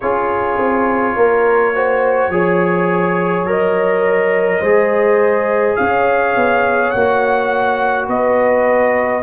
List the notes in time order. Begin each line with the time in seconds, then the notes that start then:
0.00 C#4 F4 G#4 C#5
0.57 C4
1.15 A#3 A#4
1.75 F#4 C5
2.29 F3 G#4 C#5
3.44 F#3 A#4 D#5
4.60 G#3 G#4 C5
5.75 C#4 C#5 F5
6.36 B3
6.90 A#3 F#4 F#5
8.07 B3 B4 D#5